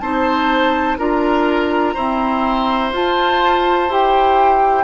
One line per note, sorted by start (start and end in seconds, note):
0.00 0.97 C4
0.00 0.99 D#4
0.00 0.99 C5
0.00 0.97 A5
0.99 1.95 D4
0.99 1.96 F4
0.99 1.94 A#4
0.99 2.92 A#5
1.94 2.94 C4
1.94 2.93 E4
1.94 4.84 C5
2.93 3.89 F4
2.93 3.90 F4
2.93 3.92 A5
3.89 4.84 E4
3.89 4.84 G4
3.89 4.84 G5